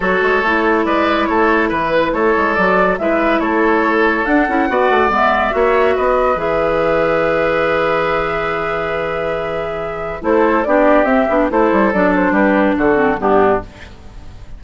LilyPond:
<<
  \new Staff \with { instrumentName = "flute" } { \time 4/4 \tempo 4 = 141 cis''2 d''4 cis''4 | b'4 cis''4 d''4 e''4 | cis''2 fis''2 | e''2 dis''4 e''4~ |
e''1~ | e''1 | c''4 d''4 e''4 c''4 | d''8 c''8 b'4 a'4 g'4 | }
  \new Staff \with { instrumentName = "oboe" } { \time 4/4 a'2 b'4 a'4 | b'4 a'2 b'4 | a'2. d''4~ | d''4 cis''4 b'2~ |
b'1~ | b'1 | a'4 g'2 a'4~ | a'4 g'4 fis'4 d'4 | }
  \new Staff \with { instrumentName = "clarinet" } { \time 4/4 fis'4 e'2.~ | e'2 fis'4 e'4~ | e'2 d'8 e'8 fis'4 | b4 fis'2 gis'4~ |
gis'1~ | gis'1 | e'4 d'4 c'8 d'8 e'4 | d'2~ d'8 c'8 b4 | }
  \new Staff \with { instrumentName = "bassoon" } { \time 4/4 fis8 gis8 a4 gis4 a4 | e4 a8 gis8 fis4 gis4 | a2 d'8 cis'8 b8 a8 | gis4 ais4 b4 e4~ |
e1~ | e1 | a4 b4 c'8 b8 a8 g8 | fis4 g4 d4 g,4 | }
>>